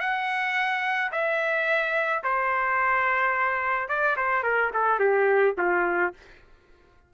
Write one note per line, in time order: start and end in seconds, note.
0.00 1.11 F#5
1.12 2.23 E5
2.23 3.88 C5
3.88 4.16 D5
4.16 4.43 C5
4.43 4.70 A#4
4.73 4.99 A4
4.99 5.55 G4
5.57 6.13 F4